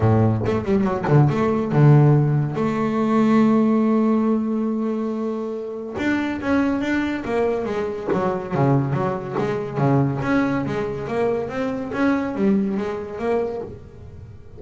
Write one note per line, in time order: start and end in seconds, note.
0.00 0.42 A2
0.46 0.64 A3
0.64 0.83 G3
0.83 1.04 F#3
1.07 1.28 D3
1.29 1.72 A3
1.72 2.55 D3
2.55 5.95 A3
5.97 6.40 D4
6.41 6.81 C#4
6.81 7.23 D4
7.24 7.65 A#3
7.65 8.07 G#3
8.13 8.54 F#3
8.54 8.93 C#3
8.93 9.35 F#3
9.37 9.77 G#3
9.77 10.20 C#3
10.22 10.65 C#4
10.65 11.07 G#3
11.07 11.49 A#3
11.49 11.91 C4
11.93 12.35 C#4
12.35 12.77 G3
12.77 13.18 G#3
13.18 13.61 A#3